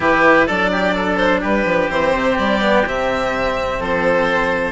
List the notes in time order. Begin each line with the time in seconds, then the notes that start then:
0.00 E3 E4 G4 B4
0.46 F#3 D4 A4 D5
0.71 G4
0.94 A4
1.16 C5
1.40 G3 G4 B4
1.64 F3
1.89 E3 C4 C5
2.15 C3
2.37 G3 D5
2.60 B3
2.85 C3 C4 E5
3.79 F3 A4 C5